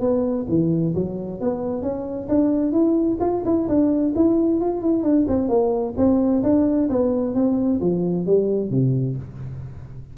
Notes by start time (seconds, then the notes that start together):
0.00 B3
0.48 E3
0.94 F#3
1.40 B3
1.82 C#4
2.28 D4
2.71 E4
3.20 F4
3.44 E4
3.68 D4
4.15 E4
4.60 F4
4.81 E4
5.03 D4
5.27 C4
5.48 A#3
5.96 C4
6.43 D4
6.89 B3
7.34 C4
7.80 F3
8.26 G3
8.70 C3